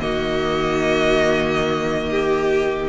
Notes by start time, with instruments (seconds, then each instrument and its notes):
0.00 cello D#3, viola A#3, violin F#4 D#5
2.10 violin G4